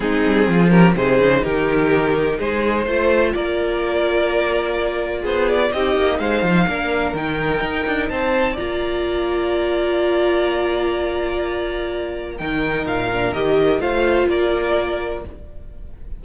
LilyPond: <<
  \new Staff \with { instrumentName = "violin" } { \time 4/4 \tempo 4 = 126 gis'4. ais'8 c''4 ais'4~ | ais'4 c''2 d''4~ | d''2. c''8 d''8 | dis''4 f''2 g''4~ |
g''4 a''4 ais''2~ | ais''1~ | ais''2 g''4 f''4 | dis''4 f''4 d''2 | }
  \new Staff \with { instrumentName = "violin" } { \time 4/4 dis'4 f'8 g'8 gis'4 g'4~ | g'4 gis'4 c''4 ais'4~ | ais'2. gis'4 | g'4 c''4 ais'2~ |
ais'4 c''4 d''2~ | d''1~ | d''2 ais'2~ | ais'4 c''4 ais'2 | }
  \new Staff \with { instrumentName = "viola" } { \time 4/4 c'4. cis'8 dis'2~ | dis'2 f'2~ | f'1 | dis'2 d'4 dis'4~ |
dis'2 f'2~ | f'1~ | f'2 dis'4. d'8 | g'4 f'2. | }
  \new Staff \with { instrumentName = "cello" } { \time 4/4 gis8 g8 f4 c8 cis8 dis4~ | dis4 gis4 a4 ais4~ | ais2. b4 | c'8 ais8 gis8 f8 ais4 dis4 |
dis'8 d'8 c'4 ais2~ | ais1~ | ais2 dis4 ais,4 | dis4 a4 ais2 | }
>>